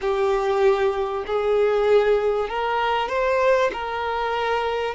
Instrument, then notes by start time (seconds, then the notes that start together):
violin
0.01 G4
1.26 G#4
2.49 A#4
3.08 C5
3.73 A#4